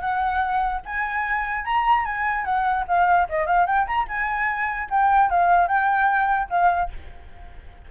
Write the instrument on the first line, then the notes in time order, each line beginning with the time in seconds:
flute
0.00 F#5
0.85 G#5
1.64 A#5
2.05 G#5
2.45 F#5
2.87 F5
3.29 D#5
3.46 F5
3.66 G5
3.87 A#5
4.08 G#5
4.90 G5
5.30 F5
5.67 G5
6.49 F5